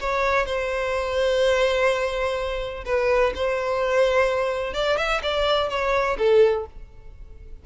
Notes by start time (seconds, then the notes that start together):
0.00 C#5
0.46 C5
2.85 B4
3.35 C5
4.74 D5
4.97 E5
5.23 D5
5.69 C#5
6.18 A4